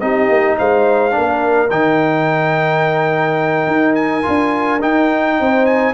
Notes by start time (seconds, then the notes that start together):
0.00 C4 D#4 G4 D#5
0.28 A#3
0.57 G#3 C5 F5
1.11 D4 A#4
1.17 A#3
1.70 D#3 D#4 G5
3.67 D#4
3.95 G#5
4.22 D4 F4
4.81 D#4 G5
5.40 C4 C5
5.65 G#5